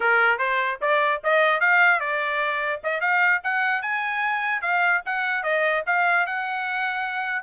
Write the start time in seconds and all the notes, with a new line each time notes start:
0.00 A#4
0.38 C5
0.81 D5
1.23 D#5
1.60 F5
2.00 D5
2.83 D#5
3.00 F5
3.43 F#5
3.82 G#5
4.61 F5
5.05 F#5
5.43 D#5
5.86 F5
6.26 F#5